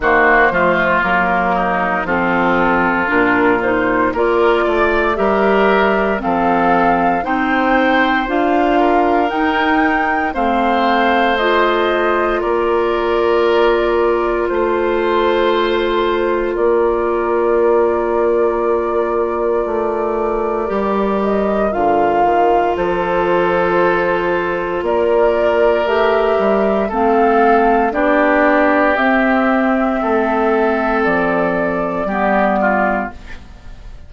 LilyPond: <<
  \new Staff \with { instrumentName = "flute" } { \time 4/4 \tempo 4 = 58 c''4 ais'4 a'4 ais'8 c''8 | d''4 e''4 f''4 g''4 | f''4 g''4 f''4 dis''4 | d''2 c''2 |
d''1~ | d''8 dis''8 f''4 c''2 | d''4 e''4 f''4 d''4 | e''2 d''2 | }
  \new Staff \with { instrumentName = "oboe" } { \time 4/4 fis'8 f'4 dis'8 f'2 | ais'8 d''8 ais'4 a'4 c''4~ | c''8 ais'4. c''2 | ais'2 c''2 |
ais'1~ | ais'2 a'2 | ais'2 a'4 g'4~ | g'4 a'2 g'8 f'8 | }
  \new Staff \with { instrumentName = "clarinet" } { \time 4/4 ais8 a8 ais4 c'4 d'8 dis'8 | f'4 g'4 c'4 dis'4 | f'4 dis'4 c'4 f'4~ | f'1~ |
f'1 | g'4 f'2.~ | f'4 g'4 c'4 d'4 | c'2. b4 | }
  \new Staff \with { instrumentName = "bassoon" } { \time 4/4 dis8 f8 fis4 f4 ais,4 | ais8 a8 g4 f4 c'4 | d'4 dis'4 a2 | ais2 a2 |
ais2. a4 | g4 d8 dis8 f2 | ais4 a8 g8 a4 b4 | c'4 a4 f4 g4 | }
>>